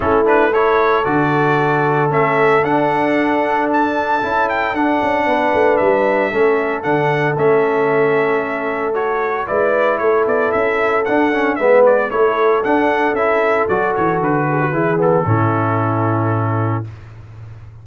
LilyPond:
<<
  \new Staff \with { instrumentName = "trumpet" } { \time 4/4 \tempo 4 = 114 a'8 b'8 cis''4 d''2 | e''4 fis''2 a''4~ | a''8 g''8 fis''2 e''4~ | e''4 fis''4 e''2~ |
e''4 cis''4 d''4 cis''8 d''8 | e''4 fis''4 e''8 d''8 cis''4 | fis''4 e''4 d''8 cis''8 b'4~ | b'8 a'2.~ a'8 | }
  \new Staff \with { instrumentName = "horn" } { \time 4/4 e'4 a'2.~ | a'1~ | a'2 b'2 | a'1~ |
a'2 b'4 a'4~ | a'2 b'4 a'4~ | a'2.~ a'8 gis'16 fis'16 | gis'4 e'2. | }
  \new Staff \with { instrumentName = "trombone" } { \time 4/4 cis'8 d'8 e'4 fis'2 | cis'4 d'2. | e'4 d'2. | cis'4 d'4 cis'2~ |
cis'4 fis'4 e'2~ | e'4 d'8 cis'8 b4 e'4 | d'4 e'4 fis'2 | e'8 b8 cis'2. | }
  \new Staff \with { instrumentName = "tuba" } { \time 4/4 a2 d2 | a4 d'2. | cis'4 d'8 cis'8 b8 a8 g4 | a4 d4 a2~ |
a2 gis4 a8 b8 | cis'4 d'4 gis4 a4 | d'4 cis'4 fis8 e8 d4 | e4 a,2. | }
>>